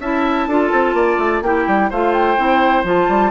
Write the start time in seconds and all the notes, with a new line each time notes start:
0.00 C#4 E4 E5 A5
0.47 D4 F4 A4
0.73 C4
0.94 A#3 D5
1.19 A3
1.42 A#3 E4 G4 G5
1.67 G3
1.90 A3 F4 C5 F5
2.14 G5
2.38 C4 E4
2.84 F3 F4 A5
3.09 G3